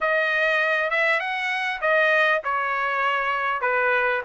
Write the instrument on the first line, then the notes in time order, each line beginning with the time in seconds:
trumpet
0.00 D#5
0.90 E5
1.20 F#5
1.81 D#5
2.44 C#5
3.61 B4